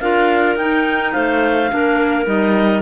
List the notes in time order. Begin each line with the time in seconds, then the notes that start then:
0.00 D4 F4 A#4 F5
0.56 D#4 G5
1.12 A3 C5 F5
1.69 A#3 D4 A#4
2.25 G3 D#4 D#5